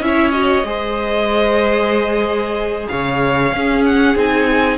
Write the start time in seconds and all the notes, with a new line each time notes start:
0.00 C#4 E4 E5
0.07 C#5
0.31 F#4 D#5
0.63 G#3 G#4 C5
2.88 C#3 C#5 F5
3.52 C#4 G#4
3.85 F#5
4.15 C4 D#4 G#5